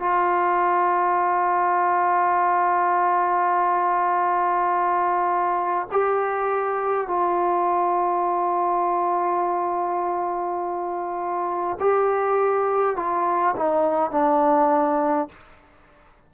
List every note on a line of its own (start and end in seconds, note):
0.00 5.88 F4
5.93 7.08 G4
7.08 11.79 F4
11.80 12.97 G4
12.97 13.56 F4
13.57 14.12 D#4
14.12 15.29 D4